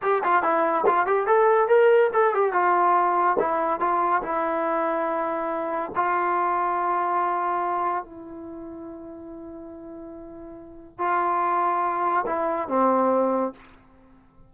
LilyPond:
\new Staff \with { instrumentName = "trombone" } { \time 4/4 \tempo 4 = 142 g'8 f'8 e'4 f'8 g'8 a'4 | ais'4 a'8 g'8 f'2 | e'4 f'4 e'2~ | e'2 f'2~ |
f'2. e'4~ | e'1~ | e'2 f'2~ | f'4 e'4 c'2 | }